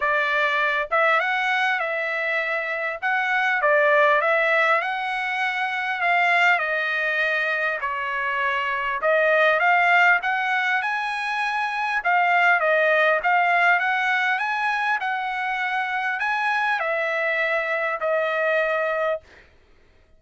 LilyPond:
\new Staff \with { instrumentName = "trumpet" } { \time 4/4 \tempo 4 = 100 d''4. e''8 fis''4 e''4~ | e''4 fis''4 d''4 e''4 | fis''2 f''4 dis''4~ | dis''4 cis''2 dis''4 |
f''4 fis''4 gis''2 | f''4 dis''4 f''4 fis''4 | gis''4 fis''2 gis''4 | e''2 dis''2 | }